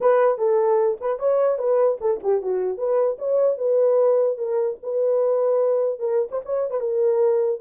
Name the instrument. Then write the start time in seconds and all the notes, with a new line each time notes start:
horn
0.00 B4
0.38 A4
1.00 B4
1.19 C#5
1.58 B4
2.00 A4
2.23 G4
2.42 F#4
2.77 B4
3.18 C#5
3.57 B4
4.37 A#4
4.83 B4
5.99 A#4
6.31 C5
6.45 C#5
6.70 B4
6.80 A#4